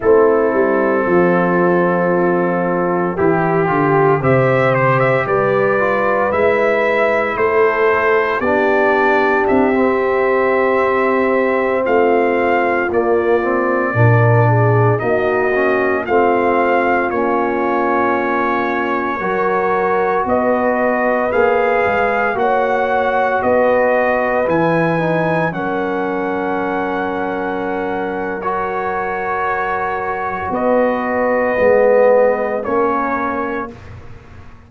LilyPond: <<
  \new Staff \with { instrumentName = "trumpet" } { \time 4/4 \tempo 4 = 57 a'2. g'4 | e''8 c''16 e''16 d''4 e''4 c''4 | d''4 e''2~ e''16 f''8.~ | f''16 d''2 dis''4 f''8.~ |
f''16 cis''2. dis''8.~ | dis''16 f''4 fis''4 dis''4 gis''8.~ | gis''16 fis''2~ fis''8. cis''4~ | cis''4 dis''2 cis''4 | }
  \new Staff \with { instrumentName = "horn" } { \time 4/4 e'4 f'2 g'4 | c''4 b'2 a'4 | g'2.~ g'16 f'8.~ | f'4~ f'16 ais'8 gis'8 fis'4 f'8.~ |
f'2~ f'16 ais'4 b'8.~ | b'4~ b'16 cis''4 b'4.~ b'16~ | b'16 ais'2.~ ais'8.~ | ais'4 b'2 ais'4 | }
  \new Staff \with { instrumentName = "trombone" } { \time 4/4 c'2. e'8 f'8 | g'4. f'8 e'2 | d'4~ d'16 c'2~ c'8.~ | c'16 ais8 c'8 d'4 dis'8 cis'8 c'8.~ |
c'16 cis'2 fis'4.~ fis'16~ | fis'16 gis'4 fis'2 e'8 dis'16~ | dis'16 cis'2~ cis'8. fis'4~ | fis'2 b4 cis'4 | }
  \new Staff \with { instrumentName = "tuba" } { \time 4/4 a8 g8 f2 e8 d8 | c4 g4 gis4 a4 | b4 c'2~ c'16 a8.~ | a16 ais4 ais,4 ais4 a8.~ |
a16 ais2 fis4 b8.~ | b16 ais8 gis8 ais4 b4 e8.~ | e16 fis2.~ fis8.~ | fis4 b4 gis4 ais4 | }
>>